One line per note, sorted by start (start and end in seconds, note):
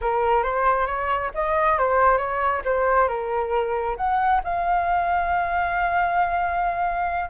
0.01 0.43 A#4
0.43 0.86 C5
0.86 1.30 C#5
1.34 1.78 D#5
1.78 2.17 C5
2.17 2.61 C#5
2.65 3.08 C5
3.08 3.96 A#4
3.97 4.41 F#5
4.44 7.29 F5